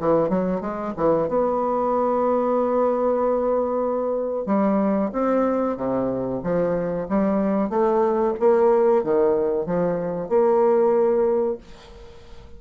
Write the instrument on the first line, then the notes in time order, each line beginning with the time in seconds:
bassoon
0.00 E3
0.29 F#3
0.61 G#3
0.97 E3
1.28 B3
4.46 G3
5.12 C4
5.77 C3
6.43 F3
7.09 G3
7.70 A3
8.40 A#3
9.04 D#3
9.66 F3
10.29 A#3